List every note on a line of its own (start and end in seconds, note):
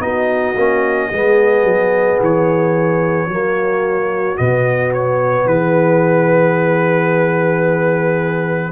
0.00 0.55 B3
0.00 0.55 D#4
0.00 1.10 F#4
0.00 2.20 D#5
0.56 1.10 A#3
0.56 1.13 C#4
1.10 1.64 G#3
1.10 3.30 B3
1.10 3.28 G#4
1.64 2.18 F#3
2.20 3.28 E3
2.20 4.37 C#5
3.28 4.37 F#3
3.28 4.37 A#3
3.28 5.47 F#4
4.37 5.46 B2
4.37 8.72 B3
4.37 4.92 D#5
4.94 5.48 C#5
5.46 8.72 E3
5.46 8.72 G#4
5.46 8.72 B4